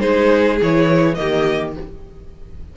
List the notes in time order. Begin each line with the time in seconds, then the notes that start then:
0.00 G#3 D#4 G#4 C5
0.62 E3 E4 C#5
1.14 D#3 A#3 G4 D#5